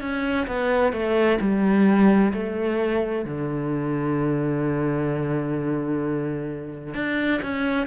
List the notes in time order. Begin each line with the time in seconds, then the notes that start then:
0.00 C#4
0.47 B3
0.92 A3
1.40 G3
2.33 A3
3.25 D3
6.94 D4
7.42 C#4